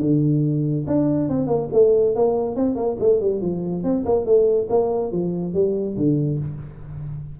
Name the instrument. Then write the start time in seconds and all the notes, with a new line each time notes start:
tuba
0.00 D3
0.87 D4
1.29 C4
1.47 A#3
1.73 A3
2.15 A#3
2.56 C4
2.75 A#3
3.00 A3
3.20 G3
3.41 F3
3.83 C4
4.05 A#3
4.25 A3
4.69 A#3
5.12 F3
5.54 G3
5.96 D3